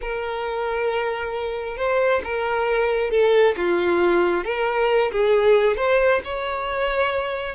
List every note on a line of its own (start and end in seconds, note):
0.01 1.77 A#4
1.77 2.21 C5
2.24 3.10 A#4
3.10 3.55 A4
3.56 4.44 F4
4.44 5.11 A#4
5.11 5.76 G#4
5.76 6.21 C5
6.24 7.55 C#5